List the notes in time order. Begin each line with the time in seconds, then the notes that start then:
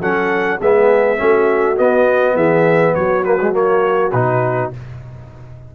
0.00 F#3 C#4 A4 F#5
0.59 G#3 B3 G#4 E5
1.17 A3 C#4 F#4
1.76 B3 D#5
2.35 E3 G#4 E5
2.94 F#3 F#4 C#5
3.24 A#3 B4
3.40 G#3
3.51 A#3 C#5
4.11 B2 D#4 B4